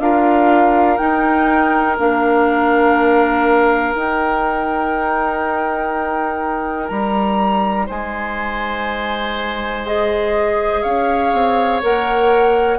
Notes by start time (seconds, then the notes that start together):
0.00 D4 F4 A#4 F5
0.98 D#4 G5
1.99 A#3 D4 F5
3.94 D#4 G5
6.88 G3 A#5
7.87 G#3 C5 G#5
9.86 G#4 D#5
10.83 C#4 C#5 F5
11.33 C4
11.83 A#3 A#4 F#5